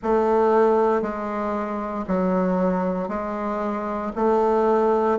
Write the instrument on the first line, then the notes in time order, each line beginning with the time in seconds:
bassoon
0.02 A3
1.02 G#3
2.07 F#3
3.08 G#3
4.15 A3